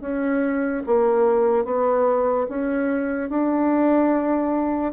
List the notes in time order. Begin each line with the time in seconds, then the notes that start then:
0.00 C#4
0.86 A#3
1.64 B3
2.48 C#4
3.29 D4